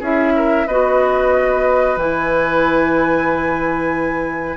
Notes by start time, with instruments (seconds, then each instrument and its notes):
0.00 bassoon C#4, clarinet E4, oboe G#4, flute E5
0.36 oboe A#4
0.67 bassoon B3, clarinet F#4, oboe B4, flute D#5
1.96 bassoon E3, clarinet E4, flute G#5